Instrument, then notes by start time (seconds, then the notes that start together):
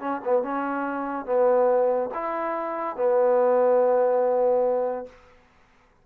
trombone
0.00 C#4
0.24 B3
0.43 C#4
1.25 B3
2.14 E4
2.96 B3